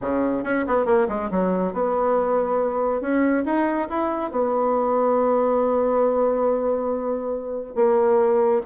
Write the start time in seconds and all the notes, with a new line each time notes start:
0.01 C#3
0.43 C#4
0.67 B3
0.85 A#3
1.08 G#3
1.30 F#3
1.73 B3
3.01 C#4
3.45 D#4
3.89 E4
4.31 B3
7.75 A#3